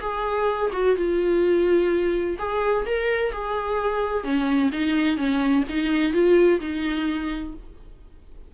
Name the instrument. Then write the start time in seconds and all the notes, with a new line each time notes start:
viola
0.00 G#4
0.72 F#4
0.96 F4
2.38 G#4
2.86 A#4
3.32 G#4
4.24 C#4
4.72 D#4
5.17 C#4
5.69 D#4
6.13 F4
6.60 D#4